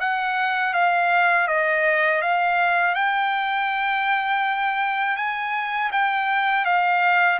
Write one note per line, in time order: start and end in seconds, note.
0.00 0.74 F#5
0.74 1.48 F5
1.48 2.22 D#5
2.22 2.95 F5
2.95 5.16 G5
5.16 5.91 G#5
5.92 6.65 G5
6.65 7.39 F5